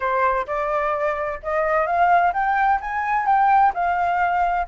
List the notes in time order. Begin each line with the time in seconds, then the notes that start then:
0.00 C5
0.46 D5
1.42 D#5
1.86 F5
2.33 G5
2.81 G#5
3.26 G5
3.74 F5